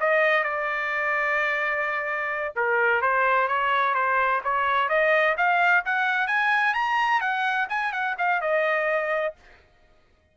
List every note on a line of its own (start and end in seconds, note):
0.00 0.44 D#5
0.44 2.55 D5
2.56 3.02 A#4
3.02 3.48 C5
3.48 3.94 C#5
3.94 4.41 C5
4.44 4.89 C#5
4.89 5.36 D#5
5.37 5.84 F5
5.85 6.27 F#5
6.27 6.74 G#5
6.74 7.21 A#5
7.21 7.68 F#5
7.69 7.92 G#5
7.92 8.16 F#5
8.18 8.41 F5
8.41 9.35 D#5